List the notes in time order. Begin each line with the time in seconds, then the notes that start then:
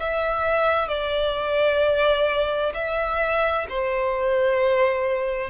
0.00 E5
0.89 D5
2.74 E5
3.70 C5